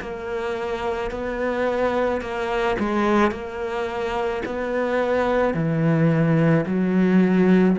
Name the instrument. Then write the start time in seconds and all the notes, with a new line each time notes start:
cello
0.00 A#3
1.11 B3
2.21 A#3
2.79 G#3
3.31 A#3
4.45 B3
5.54 E3
6.66 F#3